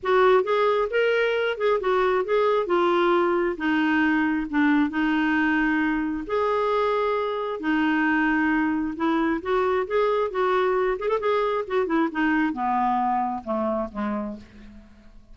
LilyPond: \new Staff \with { instrumentName = "clarinet" } { \time 4/4 \tempo 4 = 134 fis'4 gis'4 ais'4. gis'8 | fis'4 gis'4 f'2 | dis'2 d'4 dis'4~ | dis'2 gis'2~ |
gis'4 dis'2. | e'4 fis'4 gis'4 fis'4~ | fis'8 gis'16 a'16 gis'4 fis'8 e'8 dis'4 | b2 a4 gis4 | }